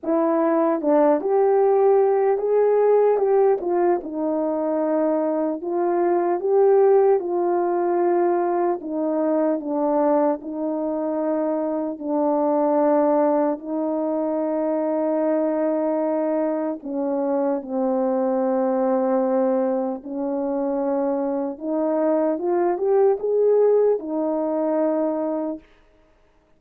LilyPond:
\new Staff \with { instrumentName = "horn" } { \time 4/4 \tempo 4 = 75 e'4 d'8 g'4. gis'4 | g'8 f'8 dis'2 f'4 | g'4 f'2 dis'4 | d'4 dis'2 d'4~ |
d'4 dis'2.~ | dis'4 cis'4 c'2~ | c'4 cis'2 dis'4 | f'8 g'8 gis'4 dis'2 | }